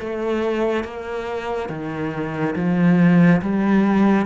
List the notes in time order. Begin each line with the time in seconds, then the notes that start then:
0.00 A3
0.84 A#3
1.69 D#3
2.56 F3
3.42 G3